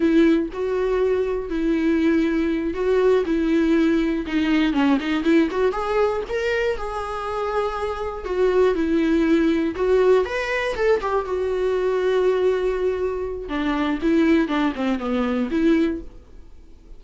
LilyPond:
\new Staff \with { instrumentName = "viola" } { \time 4/4 \tempo 4 = 120 e'4 fis'2 e'4~ | e'4. fis'4 e'4.~ | e'8 dis'4 cis'8 dis'8 e'8 fis'8 gis'8~ | gis'8 ais'4 gis'2~ gis'8~ |
gis'8 fis'4 e'2 fis'8~ | fis'8 b'4 a'8 g'8 fis'4.~ | fis'2. d'4 | e'4 d'8 c'8 b4 e'4 | }